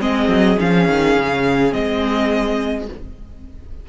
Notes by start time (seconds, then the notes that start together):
0.00 G#3 C4 G#4 D#5
0.28 F#3
0.58 F3 C#4 F5
0.88 D#3
1.16 C#3
1.71 G#3 C4 D#5